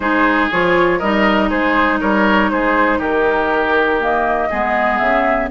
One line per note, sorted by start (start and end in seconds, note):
0.00 0.50 G#3
0.00 0.50 D#4
0.00 0.98 G#4
0.00 0.48 C5
0.51 1.01 F3
0.51 1.01 F4
0.51 0.99 C#5
0.98 1.51 G3
0.98 4.00 D#4
0.98 1.48 A#4
0.98 1.49 D#5
1.49 2.01 G#3
1.49 1.99 G#4
1.49 1.99 C5
2.00 2.51 G3
2.00 2.50 A#4
2.00 2.50 C#5
2.50 2.98 G#3
2.50 2.98 G#4
2.50 3.00 C5
2.98 4.48 D#3
2.98 4.48 G4
2.98 4.00 A#4
4.00 4.50 A#3
4.00 4.98 D#5
4.49 5.00 G#3
4.49 5.50 B3
4.49 5.49 G#4
4.98 5.50 C#3
4.98 5.48 E5